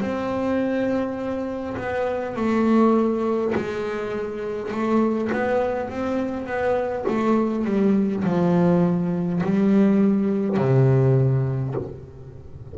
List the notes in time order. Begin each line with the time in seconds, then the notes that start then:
0.00 C4
1.77 B3
2.36 A3
3.55 G#3
4.71 A3
5.32 B3
5.90 C4
6.46 B3
7.07 A3
7.65 G3
8.24 F3
9.43 G3
10.57 C3